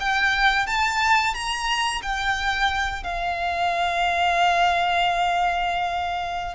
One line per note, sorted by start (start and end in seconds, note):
0.00 0.67 G5
0.67 1.35 A5
1.35 2.02 A#5
2.03 3.04 G5
3.04 6.56 F5